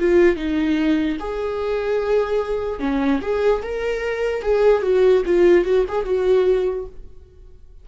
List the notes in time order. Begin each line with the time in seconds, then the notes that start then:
0.00 F4
0.36 D#4
1.20 G#4
2.80 C#4
3.22 G#4
3.63 A#4
4.42 G#4
4.83 F#4
5.26 F4
5.65 F#4
5.89 G#4
6.05 F#4